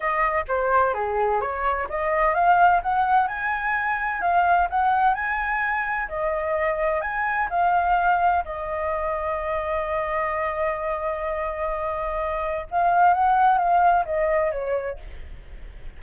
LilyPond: \new Staff \with { instrumentName = "flute" } { \time 4/4 \tempo 4 = 128 dis''4 c''4 gis'4 cis''4 | dis''4 f''4 fis''4 gis''4~ | gis''4 f''4 fis''4 gis''4~ | gis''4 dis''2 gis''4 |
f''2 dis''2~ | dis''1~ | dis''2. f''4 | fis''4 f''4 dis''4 cis''4 | }